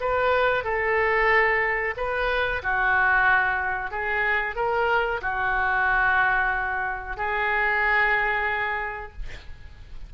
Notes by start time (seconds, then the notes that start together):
0.00 B4
0.64 A4
1.97 B4
2.63 F#4
3.90 G#4
4.55 A#4
5.21 F#4
7.17 G#4